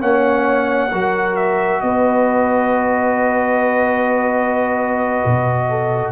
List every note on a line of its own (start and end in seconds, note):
0.00 0.93 A#3
0.00 0.91 C#4
0.00 0.91 C#5
0.00 1.36 F#5
0.92 1.83 F#3
0.92 6.12 F#4
0.92 1.83 A#4
1.36 1.81 E5
1.81 5.24 B3
1.81 5.70 B4
1.81 6.12 D#5
5.26 6.12 B2
5.70 6.12 A4